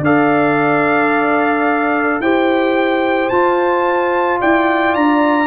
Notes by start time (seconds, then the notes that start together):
0.00 D4 A4 D5 F5
2.20 E4 G4 C5 G5
3.29 F4 A5
4.40 E4 D5 G5
4.95 D4 A#5